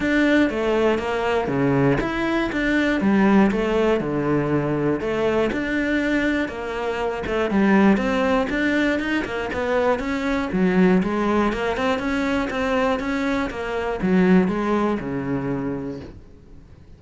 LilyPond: \new Staff \with { instrumentName = "cello" } { \time 4/4 \tempo 4 = 120 d'4 a4 ais4 cis4 | e'4 d'4 g4 a4 | d2 a4 d'4~ | d'4 ais4. a8 g4 |
c'4 d'4 dis'8 ais8 b4 | cis'4 fis4 gis4 ais8 c'8 | cis'4 c'4 cis'4 ais4 | fis4 gis4 cis2 | }